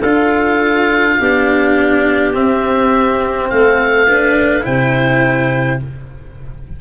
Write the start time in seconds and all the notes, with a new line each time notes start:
0.00 D4 F4 A4 F5
1.19 B3 D4 G4
2.33 C4 E5
3.49 A3 A4 F5
4.06 D4 B4
4.61 C3 E4 C5 G5